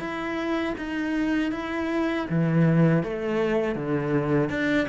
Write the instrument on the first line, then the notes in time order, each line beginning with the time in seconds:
cello
0.00 E4
0.78 D#4
1.52 E4
2.30 E3
3.03 A3
3.75 D3
4.50 D4